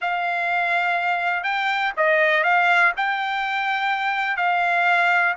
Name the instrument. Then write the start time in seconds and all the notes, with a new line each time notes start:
trumpet
0.01 F5
1.43 G5
1.96 D#5
2.43 F5
2.96 G5
4.37 F5